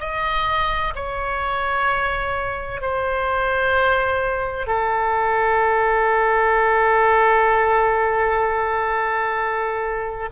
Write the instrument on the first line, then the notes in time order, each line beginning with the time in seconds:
oboe
0.00 D#5
0.95 C#5
2.82 C5
4.67 A4